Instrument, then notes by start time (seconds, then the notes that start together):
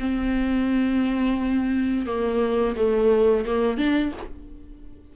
viola
0.00 C4
2.07 A#3
2.76 A3
3.46 A#3
3.78 D4